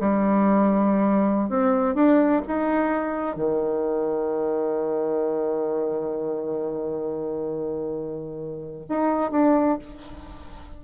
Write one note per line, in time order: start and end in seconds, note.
0.00 1.49 G3
1.49 1.95 C4
1.95 2.42 D4
2.47 3.36 D#4
3.36 8.87 D#3
8.89 9.31 D#4
9.31 9.78 D4